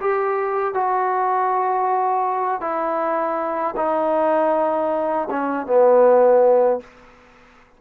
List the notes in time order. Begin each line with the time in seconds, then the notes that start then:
0.00 G4
0.74 F#4
2.61 E4
3.76 D#4
5.30 C#4
5.66 B3